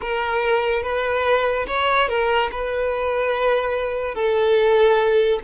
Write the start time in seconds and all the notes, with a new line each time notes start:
0.01 A#4
0.82 B4
1.67 C#5
2.08 A#4
2.51 B4
4.14 A4